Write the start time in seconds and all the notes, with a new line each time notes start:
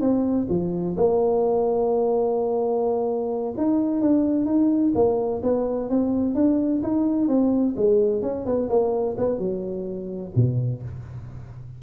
0.00 C4
0.49 F3
0.96 A#3
3.57 D#4
4.01 D4
4.45 D#4
4.95 A#3
5.42 B3
5.89 C4
6.35 D4
6.82 D#4
7.28 C4
7.76 G#3
8.22 C#4
8.45 B3
8.69 A#3
9.17 B3
9.38 F#3
10.35 B2